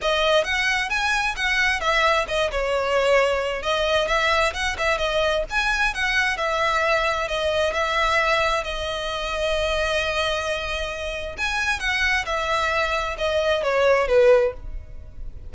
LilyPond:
\new Staff \with { instrumentName = "violin" } { \time 4/4 \tempo 4 = 132 dis''4 fis''4 gis''4 fis''4 | e''4 dis''8 cis''2~ cis''8 | dis''4 e''4 fis''8 e''8 dis''4 | gis''4 fis''4 e''2 |
dis''4 e''2 dis''4~ | dis''1~ | dis''4 gis''4 fis''4 e''4~ | e''4 dis''4 cis''4 b'4 | }